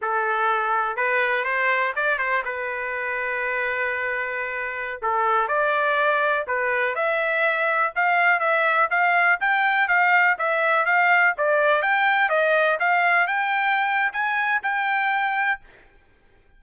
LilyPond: \new Staff \with { instrumentName = "trumpet" } { \time 4/4 \tempo 4 = 123 a'2 b'4 c''4 | d''8 c''8 b'2.~ | b'2~ b'16 a'4 d''8.~ | d''4~ d''16 b'4 e''4.~ e''16~ |
e''16 f''4 e''4 f''4 g''8.~ | g''16 f''4 e''4 f''4 d''8.~ | d''16 g''4 dis''4 f''4 g''8.~ | g''4 gis''4 g''2 | }